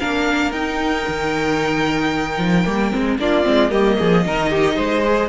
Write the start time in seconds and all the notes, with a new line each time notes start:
0.00 A#3 D4 A#4 F5
0.52 D#4 G5
1.08 D#3
2.38 F3
2.66 G3 A#3
2.92 G#3 C4
3.19 A#3 D4 F4 D5
3.44 G#3 C4
3.70 G3 A#3 G4 D#5
3.98 F3 G#4
4.27 D#3 D#4 A#4
4.50 G4
4.76 G#3 C5
5.05 G#4